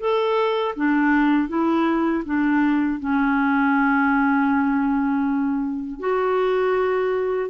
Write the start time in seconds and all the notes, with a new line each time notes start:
0.00 A4
0.76 D4
1.49 E4
2.25 D4
3.00 C#4
6.00 F#4